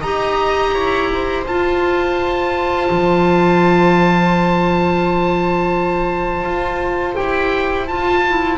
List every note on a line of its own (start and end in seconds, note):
0.00 0.74 D#4
0.00 1.46 G4
0.00 0.71 D#5
0.00 1.44 A#5
0.74 1.45 E4
0.74 1.09 C#5
1.12 8.57 C5
1.46 2.88 F4
1.46 7.15 F4
1.46 7.15 A5
2.90 6.43 F3
6.43 7.15 F4
7.15 7.89 E4
7.15 7.86 G4
7.15 7.87 G5
7.87 8.23 F4
7.87 8.57 F4
7.87 8.57 A5
8.28 8.57 E4